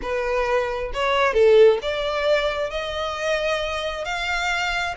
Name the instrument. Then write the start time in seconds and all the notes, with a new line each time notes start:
violin
0.01 B4
0.93 C#5
1.33 A4
1.82 D5
2.70 D#5
4.04 F5